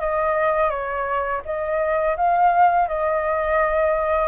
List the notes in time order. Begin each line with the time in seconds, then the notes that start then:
0.00 D#5
0.70 C#5
1.45 D#5
2.17 F5
2.88 D#5